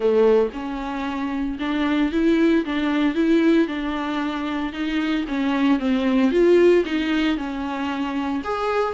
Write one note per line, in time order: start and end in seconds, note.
0.00 0.49 A3
0.53 1.58 C#4
1.59 2.12 D4
2.12 2.64 E4
2.65 3.15 D4
3.15 3.67 E4
3.67 4.72 D4
4.72 5.25 D#4
5.28 5.79 C#4
5.79 6.31 C4
6.31 6.83 F4
6.85 7.37 D#4
7.37 8.42 C#4
8.44 8.93 G#4